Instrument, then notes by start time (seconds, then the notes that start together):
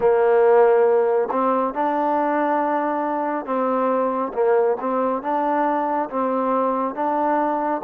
trombone
0.00 A#3
1.31 C4
1.74 D4
3.45 C4
4.33 A#3
4.80 C4
5.22 D4
6.09 C4
6.94 D4